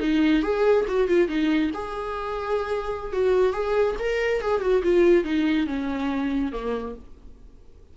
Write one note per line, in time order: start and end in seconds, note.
0.00 0.43 D#4
0.43 0.86 G#4
0.88 1.08 F#4
1.08 1.28 F4
1.28 1.71 D#4
1.74 3.13 G#4
3.13 3.53 F#4
3.53 3.96 G#4
3.99 4.42 A#4
4.42 4.61 G#4
4.61 4.83 F#4
4.83 5.24 F4
5.24 5.67 D#4
5.67 6.52 C#4
6.52 6.95 A#3